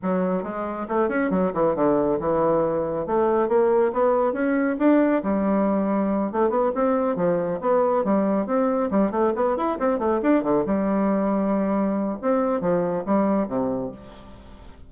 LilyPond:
\new Staff \with { instrumentName = "bassoon" } { \time 4/4 \tempo 4 = 138 fis4 gis4 a8 cis'8 fis8 e8 | d4 e2 a4 | ais4 b4 cis'4 d'4 | g2~ g8 a8 b8 c'8~ |
c'8 f4 b4 g4 c'8~ | c'8 g8 a8 b8 e'8 c'8 a8 d'8 | d8 g2.~ g8 | c'4 f4 g4 c4 | }